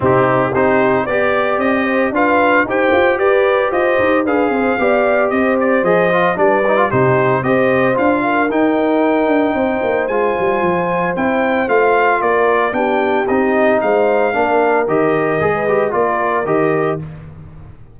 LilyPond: <<
  \new Staff \with { instrumentName = "trumpet" } { \time 4/4 \tempo 4 = 113 g'4 c''4 d''4 dis''4 | f''4 g''4 d''4 dis''4 | f''2 dis''8 d''8 dis''4 | d''4 c''4 dis''4 f''4 |
g''2. gis''4~ | gis''4 g''4 f''4 d''4 | g''4 dis''4 f''2 | dis''2 d''4 dis''4 | }
  \new Staff \with { instrumentName = "horn" } { \time 4/4 dis'4 g'4 d''4. c''8 | b'4 c''4 b'4 c''4 | b'8 c''8 d''4 c''2 | b'4 g'4 c''4. ais'8~ |
ais'2 c''2~ | c''2. ais'4 | g'2 c''4 ais'4~ | ais'4~ ais'16 b'8. ais'2 | }
  \new Staff \with { instrumentName = "trombone" } { \time 4/4 c'4 dis'4 g'2 | f'4 g'2. | gis'4 g'2 gis'8 f'8 | d'8 dis'16 f'16 dis'4 g'4 f'4 |
dis'2. f'4~ | f'4 e'4 f'2 | d'4 dis'2 d'4 | g'4 gis'8 g'8 f'4 g'4 | }
  \new Staff \with { instrumentName = "tuba" } { \time 4/4 c4 c'4 b4 c'4 | d'4 dis'8 f'8 g'4 f'8 dis'8 | d'8 c'8 b4 c'4 f4 | g4 c4 c'4 d'4 |
dis'4. d'8 c'8 ais8 gis8 g8 | f4 c'4 a4 ais4 | b4 c'4 gis4 ais4 | dis4 gis4 ais4 dis4 | }
>>